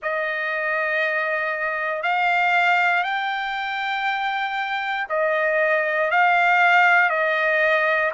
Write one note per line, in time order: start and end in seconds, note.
0.02 2.02 D#5
2.02 3.03 F5
3.03 5.07 G5
5.09 6.10 D#5
6.10 7.09 F5
7.09 8.11 D#5